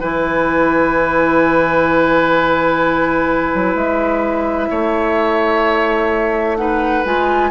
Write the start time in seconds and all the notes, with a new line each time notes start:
0.00 E3 E4 B4 G#5
3.54 F#3
3.75 G#3 E5
4.69 A3 C#5
6.57 D#4 B4 F#5
7.04 G#3 F4 G#5